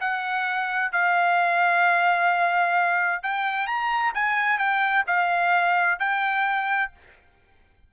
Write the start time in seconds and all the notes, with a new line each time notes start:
0.00 F#5
0.92 F5
3.23 G5
3.66 A#5
4.14 G#5
4.58 G5
5.06 F5
5.99 G5